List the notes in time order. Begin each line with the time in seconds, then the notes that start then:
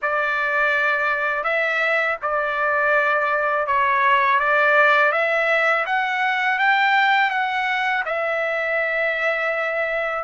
0.02 D5
1.43 E5
2.22 D5
3.67 C#5
4.39 D5
5.12 E5
5.86 F#5
6.59 G5
7.30 F#5
8.05 E5